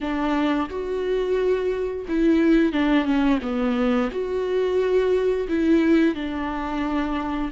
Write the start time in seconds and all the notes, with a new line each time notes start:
0.01 D4
0.69 F#4
2.08 E4
2.72 D4
3.04 C#4
3.42 B3
4.11 F#4
5.48 E4
6.15 D4